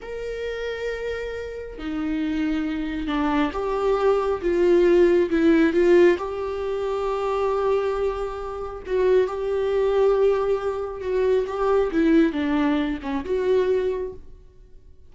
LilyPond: \new Staff \with { instrumentName = "viola" } { \time 4/4 \tempo 4 = 136 ais'1 | dis'2. d'4 | g'2 f'2 | e'4 f'4 g'2~ |
g'1 | fis'4 g'2.~ | g'4 fis'4 g'4 e'4 | d'4. cis'8 fis'2 | }